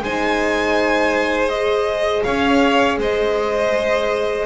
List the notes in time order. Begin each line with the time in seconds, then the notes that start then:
0.00 G#3 D#4 C5 G#5
1.48 G#4 D#5
2.23 C#4 C#5 F5
2.97 G#3 C5 D#5